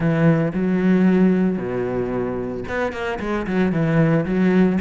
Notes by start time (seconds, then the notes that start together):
0.00 E3
0.53 F#3
1.57 B2
2.68 B3
2.92 A#3
3.19 G#3
3.46 F#3
3.72 E3
4.25 F#3